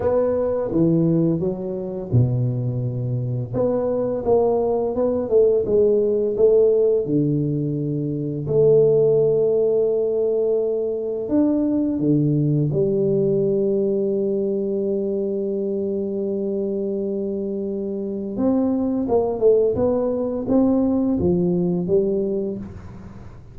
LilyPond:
\new Staff \with { instrumentName = "tuba" } { \time 4/4 \tempo 4 = 85 b4 e4 fis4 b,4~ | b,4 b4 ais4 b8 a8 | gis4 a4 d2 | a1 |
d'4 d4 g2~ | g1~ | g2 c'4 ais8 a8 | b4 c'4 f4 g4 | }